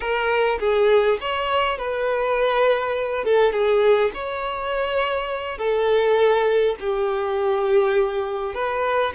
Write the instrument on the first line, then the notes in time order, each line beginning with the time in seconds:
violin
0.00 A#4
0.59 G#4
1.20 C#5
1.78 B4
3.24 A4
3.52 G#4
4.14 C#5
5.57 A4
6.80 G4
8.54 B4